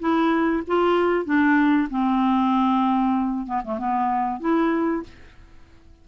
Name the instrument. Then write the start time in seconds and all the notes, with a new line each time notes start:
clarinet
0.00 E4
0.67 F4
1.25 D4
1.90 C4
3.47 B3
3.65 A3
3.79 B3
4.41 E4